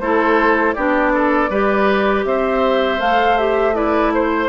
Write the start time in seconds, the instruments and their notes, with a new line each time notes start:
0.00 bassoon A3, clarinet E4, oboe A4, flute C5
0.73 bassoon B3, clarinet D4, oboe G4, flute D5
1.14 oboe A4
1.50 bassoon G3, clarinet G4, oboe B4
2.25 bassoon C4, oboe C5, flute E5
2.99 bassoon A3, clarinet A4, flute F5
3.38 clarinet G4, flute E5
3.74 clarinet E4, oboe B4, flute D5
4.14 oboe C5, flute C5